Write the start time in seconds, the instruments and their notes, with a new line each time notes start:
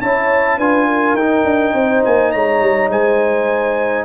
0.00 tuba C#4, trombone E4, horn C#5, trumpet A5
0.57 tuba D4, trombone F4, horn B4, trumpet G#5
0.86 horn A#4
1.14 tuba D#4, trombone D#4, trumpet G5
1.44 tuba D4
1.74 tuba C4, horn C5
2.04 tuba A#3, trumpet G#5
2.31 tuba G#3, horn C#5, trumpet A#5
2.60 tuba G3
2.89 tuba G#3, horn C5, trumpet G#5